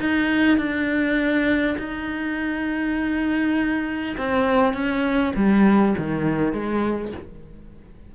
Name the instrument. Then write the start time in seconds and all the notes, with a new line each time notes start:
cello
0.00 D#4
0.58 D4
1.78 D#4
4.17 C4
4.74 C#4
5.36 G3
5.98 D#3
6.53 G#3